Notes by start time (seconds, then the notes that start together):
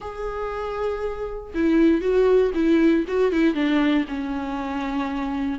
0.00 G#4
1.54 E4
2.01 F#4
2.54 E4
3.07 F#4
3.32 E4
3.54 D4
4.08 C#4